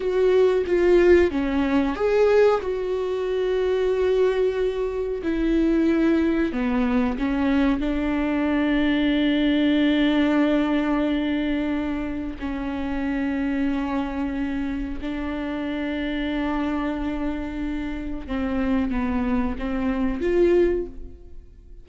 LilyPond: \new Staff \with { instrumentName = "viola" } { \time 4/4 \tempo 4 = 92 fis'4 f'4 cis'4 gis'4 | fis'1 | e'2 b4 cis'4 | d'1~ |
d'2. cis'4~ | cis'2. d'4~ | d'1 | c'4 b4 c'4 f'4 | }